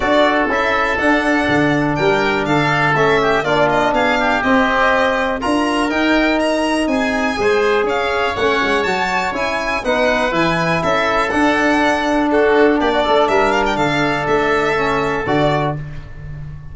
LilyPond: <<
  \new Staff \with { instrumentName = "violin" } { \time 4/4 \tempo 4 = 122 d''4 e''4 fis''2 | g''4 f''4 e''4 d''8 dis''8 | f''4 dis''2 ais''4 | g''4 ais''4 gis''2 |
f''4 fis''4 a''4 gis''4 | fis''4 gis''4 e''4 fis''4~ | fis''4 a'4 d''4 e''8 f''16 g''16 | f''4 e''2 d''4 | }
  \new Staff \with { instrumentName = "oboe" } { \time 4/4 a'1 | ais'4 a'4. g'8 f'4 | gis'8 g'2~ g'8 ais'4~ | ais'2 gis'4 c''4 |
cis''1 | b'2 a'2~ | a'4 fis'4 g'16 fis'16 a'8 ais'4 | a'1 | }
  \new Staff \with { instrumentName = "trombone" } { \time 4/4 fis'4 e'4 d'2~ | d'2 cis'4 d'4~ | d'4 c'2 f'4 | dis'2. gis'4~ |
gis'4 cis'4 fis'4 e'4 | dis'4 e'2 d'4~ | d'1~ | d'2 cis'4 fis'4 | }
  \new Staff \with { instrumentName = "tuba" } { \time 4/4 d'4 cis'4 d'4 d4 | g4 d4 a4 ais4 | b4 c'2 d'4 | dis'2 c'4 gis4 |
cis'4 a8 gis8 fis4 cis'4 | b4 e4 cis'4 d'4~ | d'2 ais8 a8 g4 | d4 a2 d4 | }
>>